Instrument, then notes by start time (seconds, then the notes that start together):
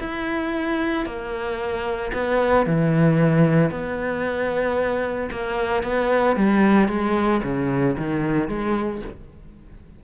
cello
0.00 E4
1.06 A#3
2.13 B3
2.66 E3
3.71 B3
5.31 A#3
5.83 B3
6.36 G3
6.88 G#3
7.43 C#3
7.98 D#3
8.48 G#3